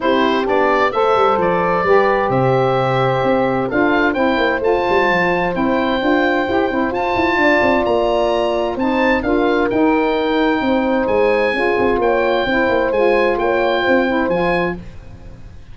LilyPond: <<
  \new Staff \with { instrumentName = "oboe" } { \time 4/4 \tempo 4 = 130 c''4 d''4 e''4 d''4~ | d''4 e''2. | f''4 g''4 a''2 | g''2. a''4~ |
a''4 ais''2 a''4 | f''4 g''2. | gis''2 g''2 | gis''4 g''2 gis''4 | }
  \new Staff \with { instrumentName = "horn" } { \time 4/4 g'2 c''2 | b'4 c''2. | a'4 c''2.~ | c''1 |
d''2. c''4 | ais'2. c''4~ | c''4 gis'4 cis''4 c''4~ | c''4 cis''4 c''2 | }
  \new Staff \with { instrumentName = "saxophone" } { \time 4/4 e'4 d'4 a'2 | g'1 | f'4 e'4 f'2 | e'4 f'4 g'8 e'8 f'4~ |
f'2. dis'4 | f'4 dis'2.~ | dis'4 f'2 e'4 | f'2~ f'8 e'8 f'4 | }
  \new Staff \with { instrumentName = "tuba" } { \time 4/4 c'4 b4 a8 g8 f4 | g4 c2 c'4 | d'4 c'8 ais8 a8 g8 f4 | c'4 d'4 e'8 c'8 f'8 e'8 |
d'8 c'8 ais2 c'4 | d'4 dis'2 c'4 | gis4 cis'8 c'8 ais4 c'8 ais8 | gis4 ais4 c'4 f4 | }
>>